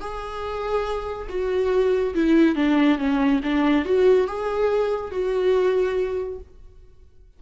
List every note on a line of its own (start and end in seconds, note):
0.00 1.28 G#4
1.29 2.14 F#4
2.15 2.55 E4
2.55 2.98 D4
2.98 3.40 C#4
3.43 3.85 D4
3.85 4.27 F#4
4.27 5.11 G#4
5.11 6.39 F#4